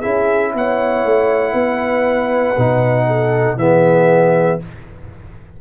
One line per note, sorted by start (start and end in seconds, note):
0.00 0.54 C#4
0.00 2.56 E4
0.00 0.51 G#4
0.00 0.53 E5
0.54 1.05 B3
0.54 1.53 C#5
0.54 3.58 F#5
1.05 1.54 A3
1.53 2.56 B3
1.53 3.06 B4
2.58 3.56 B2
2.58 3.58 D#4
3.07 3.58 A4
3.56 4.58 E3
3.56 4.60 B3
3.56 4.61 G#4
3.56 4.60 E5